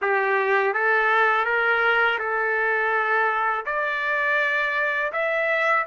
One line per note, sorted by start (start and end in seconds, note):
0.01 0.73 G4
0.73 1.45 A4
1.45 2.18 A#4
2.19 3.65 A4
3.65 5.12 D5
5.12 5.85 E5